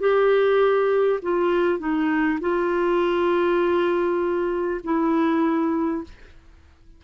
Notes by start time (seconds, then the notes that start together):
0.00 G4
1.23 F4
1.79 D#4
2.41 F4
4.84 E4